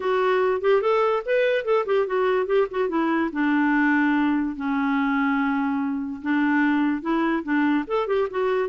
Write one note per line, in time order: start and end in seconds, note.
0.00 0.61 F#4
0.61 0.81 G4
0.81 1.22 A4
1.25 1.65 B4
1.65 1.85 A4
1.86 2.06 G4
2.06 2.46 F#4
2.46 2.67 G4
2.70 2.89 F#4
2.89 3.30 E4
3.32 4.55 D4
4.55 6.21 C#4
6.22 7.01 D4
7.01 7.43 E4
7.43 7.84 D4
7.87 8.07 A4
8.07 8.28 G4
8.30 8.69 F#4